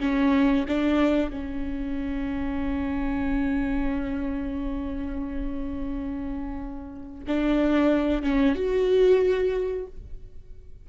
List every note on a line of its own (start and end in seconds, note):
0.00 0.66 C#4
0.68 1.31 D4
1.31 7.24 C#4
7.27 8.23 D4
8.23 8.55 C#4
8.55 9.87 F#4